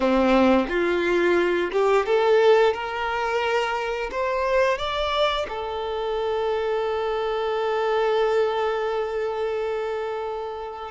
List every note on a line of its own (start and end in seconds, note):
0.00 0.67 C4
0.68 1.70 F4
1.72 2.05 G4
2.05 2.73 A4
2.73 4.10 A#4
4.11 4.78 C5
4.78 5.46 D5
5.49 10.91 A4